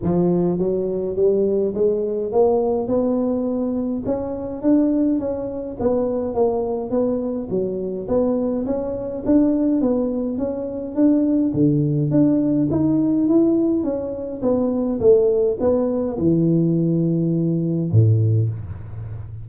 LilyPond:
\new Staff \with { instrumentName = "tuba" } { \time 4/4 \tempo 4 = 104 f4 fis4 g4 gis4 | ais4 b2 cis'4 | d'4 cis'4 b4 ais4 | b4 fis4 b4 cis'4 |
d'4 b4 cis'4 d'4 | d4 d'4 dis'4 e'4 | cis'4 b4 a4 b4 | e2. a,4 | }